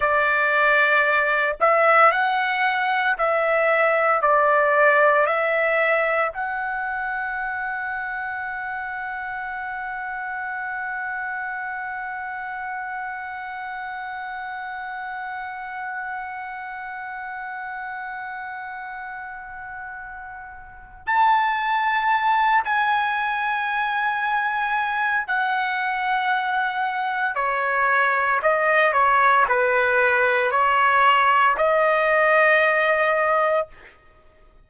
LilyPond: \new Staff \with { instrumentName = "trumpet" } { \time 4/4 \tempo 4 = 57 d''4. e''8 fis''4 e''4 | d''4 e''4 fis''2~ | fis''1~ | fis''1~ |
fis''1 | a''4. gis''2~ gis''8 | fis''2 cis''4 dis''8 cis''8 | b'4 cis''4 dis''2 | }